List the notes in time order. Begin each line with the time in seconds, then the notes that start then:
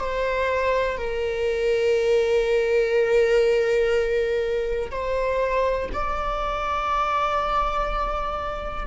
0.00 C5
0.98 A#4
4.91 C5
5.93 D5